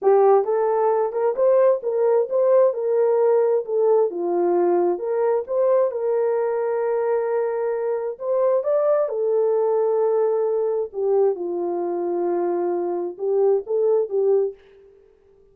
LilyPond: \new Staff \with { instrumentName = "horn" } { \time 4/4 \tempo 4 = 132 g'4 a'4. ais'8 c''4 | ais'4 c''4 ais'2 | a'4 f'2 ais'4 | c''4 ais'2.~ |
ais'2 c''4 d''4 | a'1 | g'4 f'2.~ | f'4 g'4 a'4 g'4 | }